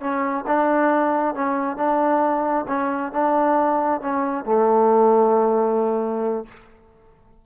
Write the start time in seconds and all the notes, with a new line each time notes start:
0.00 C#4
0.47 D4
1.35 C#4
1.76 D4
2.68 C#4
3.12 D4
4.01 C#4
4.45 A3